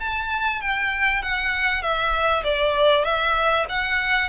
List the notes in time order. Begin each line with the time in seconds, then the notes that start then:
0.00 A5
0.61 G5
1.22 F#5
1.82 E5
2.44 D5
3.04 E5
3.69 F#5